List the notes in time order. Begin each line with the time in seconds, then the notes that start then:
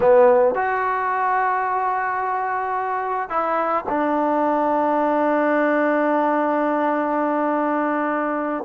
0.00 B3
0.54 F#4
3.29 E4
3.89 D4